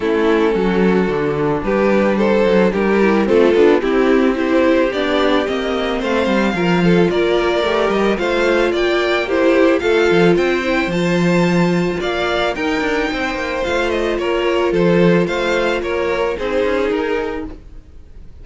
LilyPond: <<
  \new Staff \with { instrumentName = "violin" } { \time 4/4 \tempo 4 = 110 a'2. b'4 | c''4 ais'4 a'4 g'4 | c''4 d''4 dis''4 f''4~ | f''4 d''4. dis''8 f''4 |
g''4 c''4 f''4 g''4 | a''2 f''4 g''4~ | g''4 f''8 dis''8 cis''4 c''4 | f''4 cis''4 c''4 ais'4 | }
  \new Staff \with { instrumentName = "violin" } { \time 4/4 e'4 fis'2 g'4 | a'4 g'4 c'8 d'8 e'4 | g'2. c''4 | ais'8 a'8 ais'2 c''4 |
d''4 g'4 a'4 c''4~ | c''2 d''4 ais'4 | c''2 ais'4 a'4 | c''4 ais'4 gis'2 | }
  \new Staff \with { instrumentName = "viola" } { \time 4/4 cis'2 d'2~ | d'4. e'8 f'4 c'4 | e'4 d'4 c'2 | f'2 g'4 f'4~ |
f'4 e'4 f'4. e'8 | f'2. dis'4~ | dis'4 f'2.~ | f'2 dis'2 | }
  \new Staff \with { instrumentName = "cello" } { \time 4/4 a4 fis4 d4 g4~ | g8 fis8 g4 a8 b8 c'4~ | c'4 b4 ais4 a8 g8 | f4 ais4 a8 g8 a4 |
ais2 a8 f8 c'4 | f2 ais4 dis'8 d'8 | c'8 ais8 a4 ais4 f4 | a4 ais4 c'8 cis'8 dis'4 | }
>>